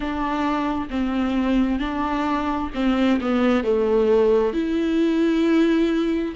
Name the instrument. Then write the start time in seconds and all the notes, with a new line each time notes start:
viola
0.00 D4
0.90 C4
1.79 D4
2.74 C4
3.20 B3
3.63 A3
4.52 E4